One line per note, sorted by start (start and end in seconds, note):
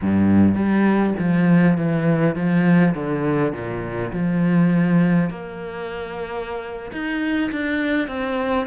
0.01 0.55 G2
0.55 1.13 G3
1.18 1.77 F3
1.77 2.35 E3
2.35 2.94 F3
2.94 3.53 D3
3.53 4.11 A#2
4.12 5.29 F3
5.29 6.91 A#3
6.91 7.50 D#4
7.51 8.07 D4
8.07 8.66 C4